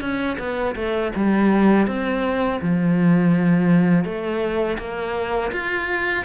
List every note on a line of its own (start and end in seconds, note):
0.00 0.37 C#4
0.38 0.75 B3
0.75 1.11 A3
1.15 1.87 G3
1.87 2.60 C4
2.61 4.04 F3
4.04 4.77 A3
4.78 5.51 A#3
5.52 6.25 F4